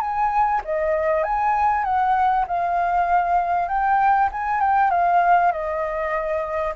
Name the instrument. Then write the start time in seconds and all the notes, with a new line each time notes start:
flute
0.00 G#5
0.64 D#5
1.23 G#5
1.84 F#5
2.47 F5
3.68 G5
4.32 G#5
4.60 G5
4.90 F5
5.52 D#5